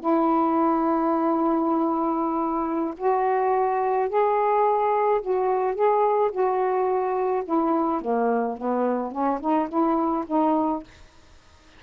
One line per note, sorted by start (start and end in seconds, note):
0.00 2.94 E4
2.97 4.09 F#4
4.09 5.21 G#4
5.21 5.75 F#4
5.75 6.31 G#4
6.32 7.44 F#4
7.45 8.01 E4
8.01 8.57 A#3
8.57 9.11 B3
9.11 9.40 C#4
9.41 9.69 D#4
9.69 10.25 E4
10.27 10.83 D#4